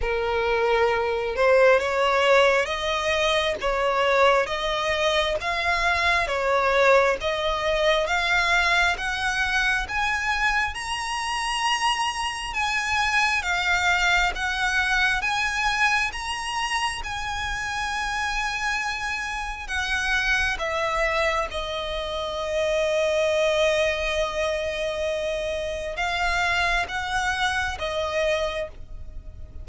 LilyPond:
\new Staff \with { instrumentName = "violin" } { \time 4/4 \tempo 4 = 67 ais'4. c''8 cis''4 dis''4 | cis''4 dis''4 f''4 cis''4 | dis''4 f''4 fis''4 gis''4 | ais''2 gis''4 f''4 |
fis''4 gis''4 ais''4 gis''4~ | gis''2 fis''4 e''4 | dis''1~ | dis''4 f''4 fis''4 dis''4 | }